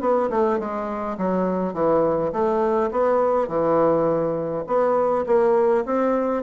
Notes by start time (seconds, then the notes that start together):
0.00 B3
0.30 A3
0.59 G#3
1.17 F#3
1.73 E3
2.32 A3
2.91 B3
3.47 E3
4.66 B3
5.26 A#3
5.85 C4